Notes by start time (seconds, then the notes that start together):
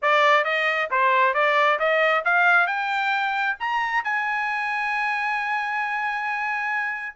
0.02 D5
0.44 D#5
0.90 C5
1.34 D5
1.79 D#5
2.24 F5
2.66 G5
3.59 A#5
4.04 G#5